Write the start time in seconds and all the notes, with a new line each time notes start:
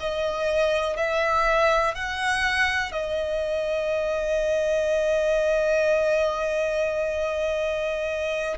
0.00 D#5
0.97 E5
1.95 F#5
2.92 D#5